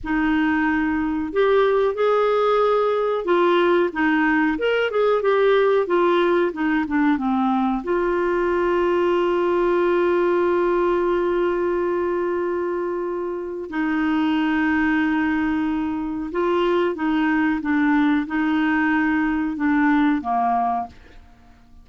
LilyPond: \new Staff \with { instrumentName = "clarinet" } { \time 4/4 \tempo 4 = 92 dis'2 g'4 gis'4~ | gis'4 f'4 dis'4 ais'8 gis'8 | g'4 f'4 dis'8 d'8 c'4 | f'1~ |
f'1~ | f'4 dis'2.~ | dis'4 f'4 dis'4 d'4 | dis'2 d'4 ais4 | }